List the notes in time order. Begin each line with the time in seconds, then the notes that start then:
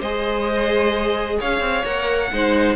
0.00 G#3 G#4 C5 D#5
1.40 C#4 C#5 F5
1.60 C4
1.85 A#3 A#4 F#5
2.32 G#3 D#4 C5